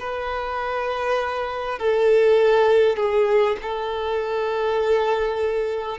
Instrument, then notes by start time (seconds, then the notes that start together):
violin
0.00 B4
1.79 A4
2.97 G#4
3.62 A4